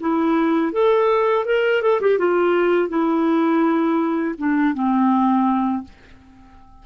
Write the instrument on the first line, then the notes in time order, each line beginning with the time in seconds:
clarinet
0.00 E4
0.73 A4
1.45 A#4
1.82 A4
2.01 G4
2.19 F4
2.89 E4
4.38 D4
4.74 C4